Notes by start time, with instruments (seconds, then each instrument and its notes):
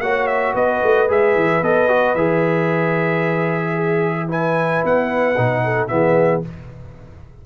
0.00 tuba A#3, trombone F#4, horn C#5, trumpet F#5
0.27 trumpet E5
0.54 tuba B3, horn B4, trumpet D#5
0.83 tuba A3
1.08 tuba G#3, trombone G#4, trumpet E5
1.35 tuba E3
1.61 tuba B3, trombone A4, trumpet D#5
1.88 trombone F#4
2.14 tuba E3, trombone G#4, trumpet E5
3.74 horn G#4
4.28 trombone E4, horn B4, trumpet G#5
4.84 tuba B3, trumpet F#5
5.37 tuba B2, trombone D#4
5.64 horn A4
5.87 tuba E3, trombone B3, horn G#4, trumpet E5